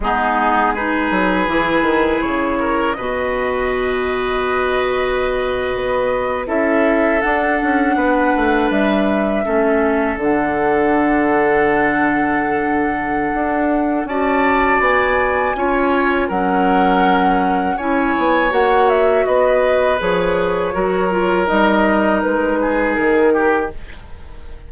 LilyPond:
<<
  \new Staff \with { instrumentName = "flute" } { \time 4/4 \tempo 4 = 81 gis'4 b'2 cis''4 | dis''1~ | dis''8. e''4 fis''2 e''16~ | e''4.~ e''16 fis''2~ fis''16~ |
fis''2. a''4 | gis''2 fis''2 | gis''4 fis''8 e''8 dis''4 cis''4~ | cis''4 dis''4 b'4 ais'4 | }
  \new Staff \with { instrumentName = "oboe" } { \time 4/4 dis'4 gis'2~ gis'8 ais'8 | b'1~ | b'8. a'2 b'4~ b'16~ | b'8. a'2.~ a'16~ |
a'2. d''4~ | d''4 cis''4 ais'2 | cis''2 b'2 | ais'2~ ais'8 gis'4 g'8 | }
  \new Staff \with { instrumentName = "clarinet" } { \time 4/4 b4 dis'4 e'2 | fis'1~ | fis'8. e'4 d'2~ d'16~ | d'8. cis'4 d'2~ d'16~ |
d'2. fis'4~ | fis'4 f'4 cis'2 | e'4 fis'2 gis'4 | fis'8 f'8 dis'2. | }
  \new Staff \with { instrumentName = "bassoon" } { \time 4/4 gis4. fis8 e8 dis8 cis4 | b,2.~ b,8. b16~ | b8. cis'4 d'8 cis'8 b8 a8 g16~ | g8. a4 d2~ d16~ |
d2 d'4 cis'4 | b4 cis'4 fis2 | cis'8 b8 ais4 b4 f4 | fis4 g4 gis4 dis4 | }
>>